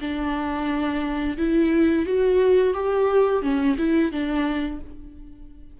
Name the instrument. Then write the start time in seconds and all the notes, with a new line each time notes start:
viola
0.00 D4
1.37 E4
2.05 F#4
2.74 G4
3.42 C#4
3.77 E4
4.12 D4